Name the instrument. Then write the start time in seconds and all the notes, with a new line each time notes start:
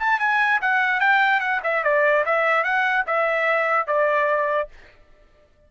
trumpet
0.00 A5
0.20 G#5
0.62 F#5
1.01 G5
1.41 F#5
1.64 E5
1.84 D5
2.26 E5
2.64 F#5
3.07 E5
3.87 D5